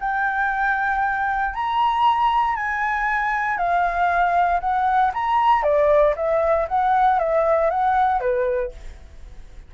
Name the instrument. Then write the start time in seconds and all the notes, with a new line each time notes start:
flute
0.00 G5
1.54 A#5
2.55 G#5
3.57 F5
4.60 F#5
5.13 A#5
5.62 D5
6.16 E5
6.68 F#5
7.19 E5
7.70 F#5
8.20 B4